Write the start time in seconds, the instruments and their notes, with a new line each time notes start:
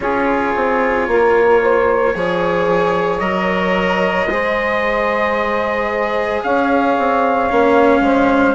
0.00 bassoon C#4, cello F4, saxophone G#4, trumpet C#5
0.55 bassoon C4
1.07 bassoon A#3, saxophone A#4
1.62 saxophone C5
2.14 bassoon F3, cello G#4, saxophone C#5
3.19 bassoon F#3, cello A#4, trumpet D#5
4.27 bassoon G#3, cello G#4, saxophone C5
6.43 bassoon C#4, saxophone C#5, trumpet F5
6.98 bassoon C4
7.49 bassoon A#3, cello C#4
8.00 bassoon G#3, saxophone C5